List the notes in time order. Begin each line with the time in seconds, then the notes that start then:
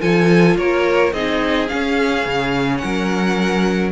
0.00 F3 F4 A4 G#5
0.57 A#3 A#4 C#5
1.13 C4 D#4 G#4 D#5
1.68 C#4 F5
2.26 C#3
2.78 F#5
2.84 F#3 A#4